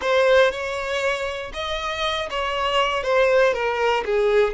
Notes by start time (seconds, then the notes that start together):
0.01 C5
0.51 C#5
1.53 D#5
2.29 C#5
3.03 C5
3.53 A#4
4.05 G#4